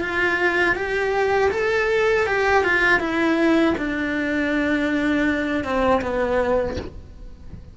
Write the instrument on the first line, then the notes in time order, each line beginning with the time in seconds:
cello
0.00 F4
0.75 G4
1.51 A4
2.26 G4
2.64 F4
3.00 E4
3.77 D4
5.64 C4
6.01 B3